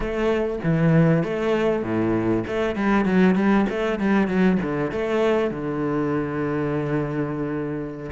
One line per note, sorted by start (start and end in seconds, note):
0.00 0.59 A3
0.63 1.23 E3
1.23 1.82 A3
1.82 2.44 A2
2.47 2.75 A3
2.75 3.05 G3
3.05 3.35 F#3
3.35 3.65 G3
3.69 3.99 A3
3.99 4.27 G3
4.27 4.58 F#3
4.62 4.91 D3
4.91 5.50 A3
5.50 8.11 D3